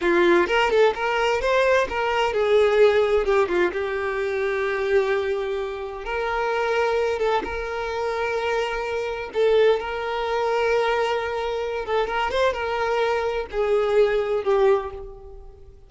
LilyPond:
\new Staff \with { instrumentName = "violin" } { \time 4/4 \tempo 4 = 129 f'4 ais'8 a'8 ais'4 c''4 | ais'4 gis'2 g'8 f'8 | g'1~ | g'4 ais'2~ ais'8 a'8 |
ais'1 | a'4 ais'2.~ | ais'4. a'8 ais'8 c''8 ais'4~ | ais'4 gis'2 g'4 | }